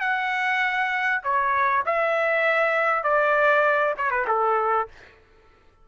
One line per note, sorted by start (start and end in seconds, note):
0.00 1.21 F#5
1.23 1.83 C#5
1.85 3.03 E5
3.03 3.94 D5
3.97 4.10 C#5
4.10 4.26 B4
4.27 4.88 A4